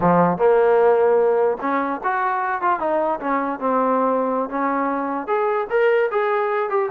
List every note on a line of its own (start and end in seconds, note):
0.00 0.37 F3
0.37 1.57 A#3
1.60 2.00 C#4
2.03 2.61 F#4
2.61 2.79 F4
2.79 3.19 D#4
3.19 3.59 C#4
3.59 4.49 C4
4.49 5.27 C#4
5.27 5.67 G#4
5.69 6.09 A#4
6.11 6.69 G#4
6.69 6.89 G4